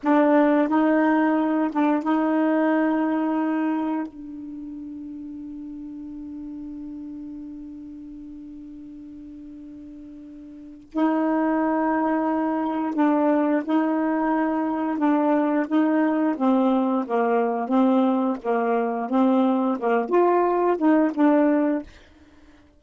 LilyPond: \new Staff \with { instrumentName = "saxophone" } { \time 4/4 \tempo 4 = 88 d'4 dis'4. d'8 dis'4~ | dis'2 d'2~ | d'1~ | d'1 |
dis'2. d'4 | dis'2 d'4 dis'4 | c'4 ais4 c'4 ais4 | c'4 ais8 f'4 dis'8 d'4 | }